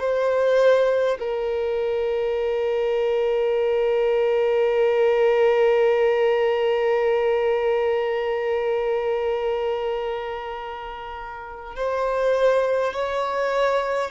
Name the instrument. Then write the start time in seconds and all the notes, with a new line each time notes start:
violin
0.00 C5
1.19 A#4
11.75 C5
12.93 C#5